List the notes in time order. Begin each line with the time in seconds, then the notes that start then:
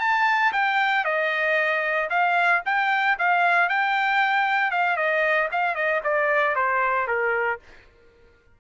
0.00 A5
0.53 G5
1.05 D#5
2.10 F5
2.66 G5
3.18 F5
3.69 G5
4.71 F5
4.97 D#5
5.52 F5
5.75 D#5
6.04 D5
6.56 C5
7.07 A#4